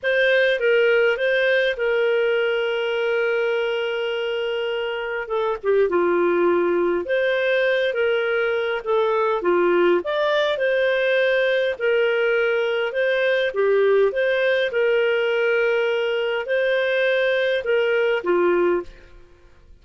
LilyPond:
\new Staff \with { instrumentName = "clarinet" } { \time 4/4 \tempo 4 = 102 c''4 ais'4 c''4 ais'4~ | ais'1~ | ais'4 a'8 g'8 f'2 | c''4. ais'4. a'4 |
f'4 d''4 c''2 | ais'2 c''4 g'4 | c''4 ais'2. | c''2 ais'4 f'4 | }